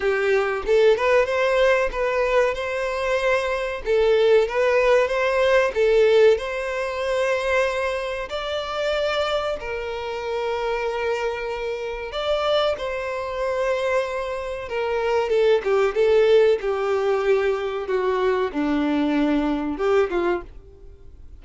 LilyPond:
\new Staff \with { instrumentName = "violin" } { \time 4/4 \tempo 4 = 94 g'4 a'8 b'8 c''4 b'4 | c''2 a'4 b'4 | c''4 a'4 c''2~ | c''4 d''2 ais'4~ |
ais'2. d''4 | c''2. ais'4 | a'8 g'8 a'4 g'2 | fis'4 d'2 g'8 f'8 | }